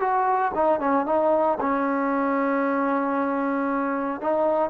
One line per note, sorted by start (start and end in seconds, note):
0.00 0.52 F#4
0.55 0.80 D#4
0.80 1.06 C#4
1.06 1.58 D#4
1.61 4.21 C#4
4.21 4.71 D#4